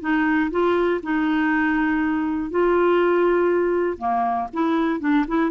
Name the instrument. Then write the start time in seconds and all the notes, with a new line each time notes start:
clarinet
0.00 D#4
0.50 F4
1.02 D#4
2.50 F4
3.97 A#3
4.53 E4
5.00 D4
5.27 E4